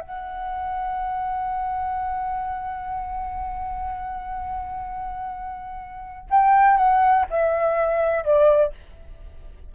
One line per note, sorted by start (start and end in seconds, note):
0.00 6.29 F#5
6.30 6.77 G5
6.77 7.25 F#5
7.30 8.24 E5
8.24 8.72 D5